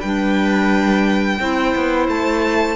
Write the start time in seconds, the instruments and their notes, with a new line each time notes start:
0.00 cello G3, clarinet D4, viola B4, violin G5
1.40 cello C4, clarinet E4, viola C5
1.75 cello B3
2.08 cello A3, violin A5